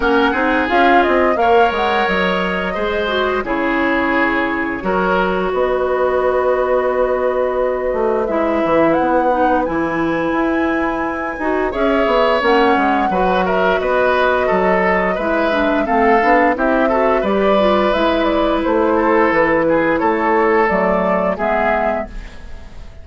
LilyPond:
<<
  \new Staff \with { instrumentName = "flute" } { \time 4/4 \tempo 4 = 87 fis''4 f''8 dis''8 f''8 fis''8 dis''4~ | dis''4 cis''2. | dis''1 | e''4 fis''4 gis''2~ |
gis''4 e''4 fis''4. e''8 | dis''2 e''4 f''4 | e''4 d''4 e''8 d''8 c''4 | b'4 cis''4 d''4 e''4 | }
  \new Staff \with { instrumentName = "oboe" } { \time 4/4 ais'8 gis'4. cis''2 | c''4 gis'2 ais'4 | b'1~ | b'1~ |
b'4 cis''2 b'8 ais'8 | b'4 a'4 b'4 a'4 | g'8 a'8 b'2~ b'8 a'8~ | a'8 gis'8 a'2 gis'4 | }
  \new Staff \with { instrumentName = "clarinet" } { \time 4/4 cis'8 dis'8 f'4 ais'2 | gis'8 fis'8 e'2 fis'4~ | fis'1 | e'4. dis'8 e'2~ |
e'8 fis'8 gis'4 cis'4 fis'4~ | fis'2 e'8 d'8 c'8 d'8 | e'8 fis'8 g'8 f'8 e'2~ | e'2 a4 b4 | }
  \new Staff \with { instrumentName = "bassoon" } { \time 4/4 ais8 c'8 cis'8 c'8 ais8 gis8 fis4 | gis4 cis2 fis4 | b2.~ b8 a8 | gis8 e8 b4 e4 e'4~ |
e'8 dis'8 cis'8 b8 ais8 gis8 fis4 | b4 fis4 gis4 a8 b8 | c'4 g4 gis4 a4 | e4 a4 fis4 gis4 | }
>>